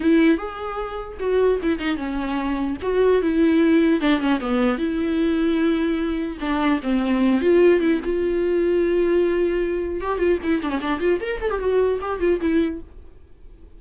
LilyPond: \new Staff \with { instrumentName = "viola" } { \time 4/4 \tempo 4 = 150 e'4 gis'2 fis'4 | e'8 dis'8 cis'2 fis'4 | e'2 d'8 cis'8 b4 | e'1 |
d'4 c'4. f'4 e'8 | f'1~ | f'4 g'8 f'8 e'8 d'16 cis'16 d'8 f'8 | ais'8 a'16 g'16 fis'4 g'8 f'8 e'4 | }